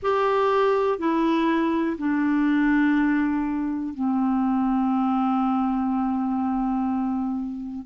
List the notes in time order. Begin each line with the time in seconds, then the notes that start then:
0.02 G4
0.98 E4
1.98 D4
3.93 C4